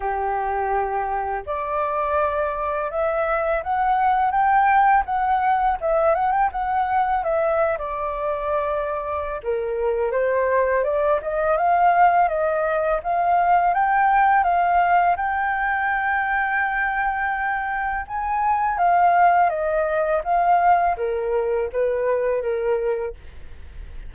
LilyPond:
\new Staff \with { instrumentName = "flute" } { \time 4/4 \tempo 4 = 83 g'2 d''2 | e''4 fis''4 g''4 fis''4 | e''8 fis''16 g''16 fis''4 e''8. d''4~ d''16~ | d''4 ais'4 c''4 d''8 dis''8 |
f''4 dis''4 f''4 g''4 | f''4 g''2.~ | g''4 gis''4 f''4 dis''4 | f''4 ais'4 b'4 ais'4 | }